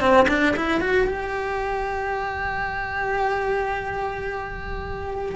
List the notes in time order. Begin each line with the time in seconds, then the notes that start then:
0.00 C4
0.28 D4
0.56 E4
0.81 F#4
1.07 G4